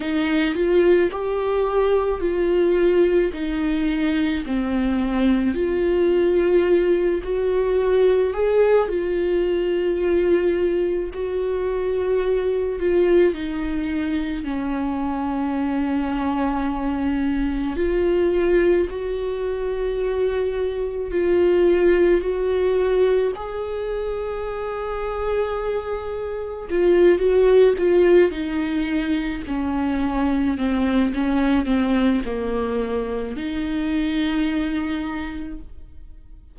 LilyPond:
\new Staff \with { instrumentName = "viola" } { \time 4/4 \tempo 4 = 54 dis'8 f'8 g'4 f'4 dis'4 | c'4 f'4. fis'4 gis'8 | f'2 fis'4. f'8 | dis'4 cis'2. |
f'4 fis'2 f'4 | fis'4 gis'2. | f'8 fis'8 f'8 dis'4 cis'4 c'8 | cis'8 c'8 ais4 dis'2 | }